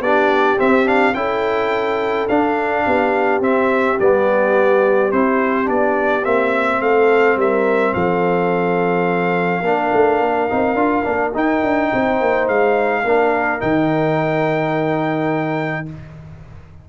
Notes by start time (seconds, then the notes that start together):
0.00 B3 D4 G4 D5
0.58 C4 E5
0.85 D4 F5
1.14 C#4 E4 A4 G5
2.28 D4 F5
2.85 B3 G4
3.40 C4 E5
3.99 G3 B3 D5
5.12 C4 E4 C5
5.65 B3 D4 D5
6.24 A#3 C4 E5
6.81 A3 A4 F5
7.36 G3 A#4 E5
7.94 F3 A4 F5
9.61 A#3 D4
9.68 A#4
9.93 A3
10.20 A#3
10.49 C4 D#4
10.74 D4 F4
11.03 A#3 D4
11.34 D#4 G5
11.63 D4
11.92 C4 C5
12.21 A#3
12.48 G#3 F5
13.03 A#3 D4 A#4
13.60 D#3 D#4 G5